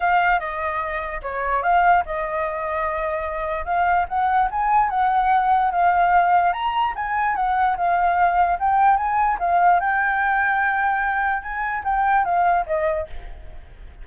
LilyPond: \new Staff \with { instrumentName = "flute" } { \time 4/4 \tempo 4 = 147 f''4 dis''2 cis''4 | f''4 dis''2.~ | dis''4 f''4 fis''4 gis''4 | fis''2 f''2 |
ais''4 gis''4 fis''4 f''4~ | f''4 g''4 gis''4 f''4 | g''1 | gis''4 g''4 f''4 dis''4 | }